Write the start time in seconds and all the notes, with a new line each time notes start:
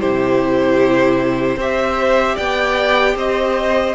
0.00 C3 E4 G4 C5
1.57 C4 G4 C5 E5
2.35 B3 D5 G5
3.15 C4 C5 D#5